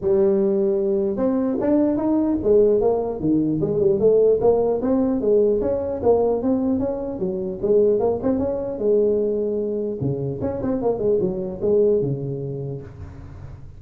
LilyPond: \new Staff \with { instrumentName = "tuba" } { \time 4/4 \tempo 4 = 150 g2. c'4 | d'4 dis'4 gis4 ais4 | dis4 gis8 g8 a4 ais4 | c'4 gis4 cis'4 ais4 |
c'4 cis'4 fis4 gis4 | ais8 c'8 cis'4 gis2~ | gis4 cis4 cis'8 c'8 ais8 gis8 | fis4 gis4 cis2 | }